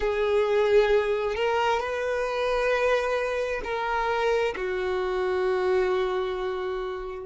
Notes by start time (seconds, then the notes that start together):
0.00 G#4
1.35 A#4
1.79 B4
3.64 A#4
4.55 F#4